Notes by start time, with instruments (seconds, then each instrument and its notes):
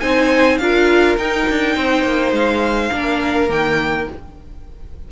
0.00 cello C4, viola D#4, violin C5 G#5
0.58 cello D4, viola F4, violin A#4 F5
1.18 cello D#4, viola D#4, violin G5
1.50 cello D4
1.76 cello C4, violin C5
2.03 cello A#3
2.32 cello G#3, violin F5
2.92 cello A#3, viola D4, violin A#4
3.49 cello D#3, viola A#3, violin G5